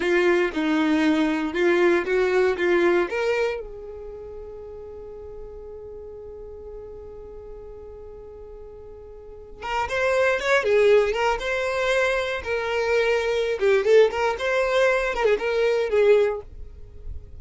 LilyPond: \new Staff \with { instrumentName = "violin" } { \time 4/4 \tempo 4 = 117 f'4 dis'2 f'4 | fis'4 f'4 ais'4 gis'4~ | gis'1~ | gis'1~ |
gis'2~ gis'8. ais'8 c''8.~ | c''16 cis''8 gis'4 ais'8 c''4.~ c''16~ | c''16 ais'2~ ais'16 g'8 a'8 ais'8 | c''4. ais'16 gis'16 ais'4 gis'4 | }